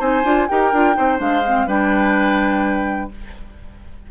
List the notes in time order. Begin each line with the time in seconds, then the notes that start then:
0.00 C4 D#4 C5 G#5
0.25 D4 F4
0.48 D#4 G4 A#4 G5
0.73 D4 F4
0.94 C4 D#4 C5
1.18 G#3 D4 F5
1.47 C4
1.67 G3 D4 B4 G5